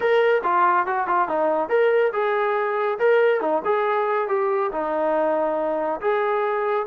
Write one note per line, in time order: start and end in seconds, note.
0.00 0.41 A#4
0.43 0.86 F4
0.86 1.07 F#4
1.07 1.28 F4
1.28 1.69 D#4
1.69 2.12 A#4
2.12 2.98 G#4
2.99 3.41 A#4
3.41 3.62 D#4
3.64 4.28 G#4
4.28 4.71 G4
4.71 6.00 D#4
6.00 6.86 G#4